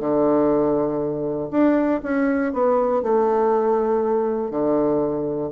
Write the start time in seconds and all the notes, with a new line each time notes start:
0.00 D3
1.51 D4
2.03 C#4
2.53 B3
3.03 A3
4.51 D3